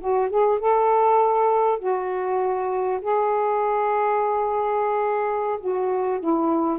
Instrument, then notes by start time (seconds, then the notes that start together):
saxophone
0.00 F#4
0.30 G#4
0.59 A4
1.79 F#4
3.01 G#4
5.60 F#4
6.20 E4